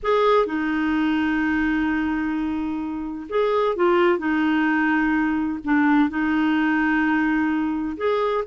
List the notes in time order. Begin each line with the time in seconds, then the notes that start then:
0.02 G#4
0.45 D#4
3.29 G#4
3.76 F4
4.18 D#4
5.64 D4
6.09 D#4
7.97 G#4